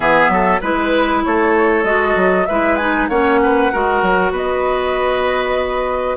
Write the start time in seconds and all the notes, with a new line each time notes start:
0.00 E3 B3 G#4 E5
0.28 F#3 A4
0.61 G#3 E4 B4
1.23 A3 A4 C#5
1.83 G#3 F#4 D#5
2.15 F#3
2.45 G#3 E4 B4 E5
2.76 D#4 G#5
3.08 A#3 C#4 C#5 F#5
3.42 B4
3.72 G#3 F#4 A#4
4.01 F#3
4.31 B3 B4 D#5